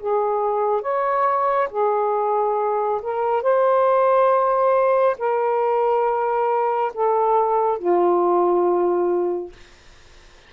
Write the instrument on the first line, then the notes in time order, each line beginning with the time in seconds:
saxophone
0.00 G#4
0.82 C#5
1.71 G#4
3.02 A#4
3.43 C5
5.19 A#4
6.94 A4
7.79 F4